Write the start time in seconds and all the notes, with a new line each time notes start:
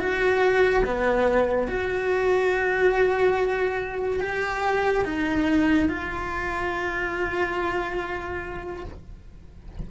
0.00 F#4
0.85 B3
1.68 F#4
4.21 G4
5.05 D#4
5.89 F4